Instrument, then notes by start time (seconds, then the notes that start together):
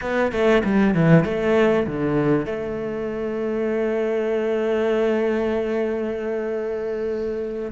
cello
0.01 B3
0.31 A3
0.64 G3
0.94 E3
1.24 A3
1.87 D3
2.45 A3